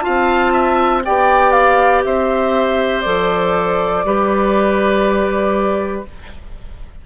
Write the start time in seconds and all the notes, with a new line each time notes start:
0.00 F4 F5 A5
0.07 C4
0.53 E5
1.04 B3 G4 D5 G5
1.51 F5
2.04 C4 C5 E5
3.00 F3 A4 D5
4.04 G3 G4 B4